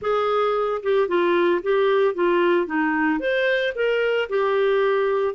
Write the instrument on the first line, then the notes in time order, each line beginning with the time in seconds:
clarinet
0.01 G#4
0.82 G4
1.08 F4
1.62 G4
2.14 F4
2.66 D#4
3.19 C5
3.75 A#4
4.29 G4